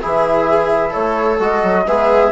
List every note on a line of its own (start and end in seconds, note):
0.00 0.95 E3
0.00 1.38 E4
0.00 0.90 G#4
0.00 0.93 E5
0.90 1.39 A3
0.90 1.82 A4
0.90 1.39 C#5
1.39 1.62 G#3
1.39 1.85 F#4
1.39 1.87 D#5
1.63 1.86 F#3
1.85 2.31 G#3
1.85 2.31 B3
1.85 2.31 G#4
1.85 2.31 E5